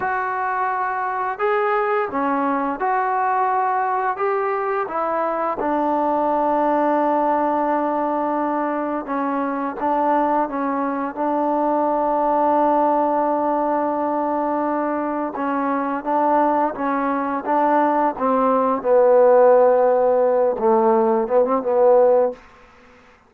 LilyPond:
\new Staff \with { instrumentName = "trombone" } { \time 4/4 \tempo 4 = 86 fis'2 gis'4 cis'4 | fis'2 g'4 e'4 | d'1~ | d'4 cis'4 d'4 cis'4 |
d'1~ | d'2 cis'4 d'4 | cis'4 d'4 c'4 b4~ | b4. a4 b16 c'16 b4 | }